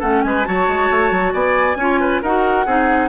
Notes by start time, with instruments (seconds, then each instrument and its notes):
0.00 bassoon A3, clarinet C#4, oboe A4, flute F#5
0.23 bassoon G#3, oboe B4, flute G#5
0.45 bassoon F#3, clarinet F#4, oboe C#5, flute A5
0.68 bassoon G#3
0.91 bassoon A3
1.11 bassoon F#3
1.34 bassoon B3, oboe D5, flute G#5
1.76 bassoon C#4, clarinet F4, oboe C#5
2.01 oboe B4
2.22 bassoon D#4, clarinet F#4, oboe A#4, flute F#5
2.66 bassoon C4, clarinet D#4, oboe G#4